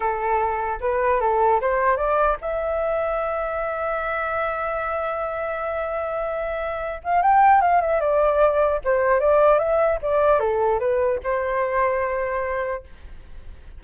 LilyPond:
\new Staff \with { instrumentName = "flute" } { \time 4/4 \tempo 4 = 150 a'2 b'4 a'4 | c''4 d''4 e''2~ | e''1~ | e''1~ |
e''4. f''8 g''4 f''8 e''8 | d''2 c''4 d''4 | e''4 d''4 a'4 b'4 | c''1 | }